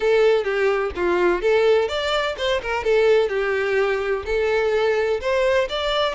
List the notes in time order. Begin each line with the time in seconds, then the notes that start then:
0.00 A4
0.44 G4
0.95 F4
1.41 A4
1.88 D5
2.37 C5
2.61 A#4
2.84 A4
3.29 G4
4.25 A4
5.20 C5
5.69 D5